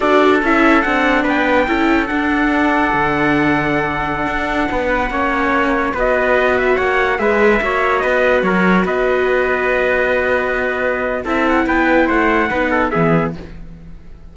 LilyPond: <<
  \new Staff \with { instrumentName = "trumpet" } { \time 4/4 \tempo 4 = 144 d''4 e''4 fis''4 g''4~ | g''4 fis''2.~ | fis''1~ | fis''2~ fis''16 dis''4. e''16~ |
e''16 fis''4 e''2 dis''8.~ | dis''16 cis''4 dis''2~ dis''8.~ | dis''2. e''8 fis''8 | g''4 fis''2 e''4 | }
  \new Staff \with { instrumentName = "trumpet" } { \time 4/4 a'2. b'4 | a'1~ | a'2.~ a'16 b'8.~ | b'16 cis''2 b'4.~ b'16~ |
b'16 cis''4 b'4 cis''4 b'8.~ | b'16 ais'4 b'2~ b'8.~ | b'2. a'4 | b'4 c''4 b'8 a'8 gis'4 | }
  \new Staff \with { instrumentName = "viola" } { \time 4/4 fis'4 e'4 d'2 | e'4 d'2.~ | d'1~ | d'16 cis'2 fis'4.~ fis'16~ |
fis'4~ fis'16 gis'4 fis'4.~ fis'16~ | fis'1~ | fis'2. e'4~ | e'2 dis'4 b4 | }
  \new Staff \with { instrumentName = "cello" } { \time 4/4 d'4 cis'4 c'4 b4 | cis'4 d'2 d4~ | d2~ d16 d'4 b8.~ | b16 ais2 b4.~ b16~ |
b16 ais4 gis4 ais4 b8.~ | b16 fis4 b2~ b8.~ | b2. c'4 | b4 a4 b4 e4 | }
>>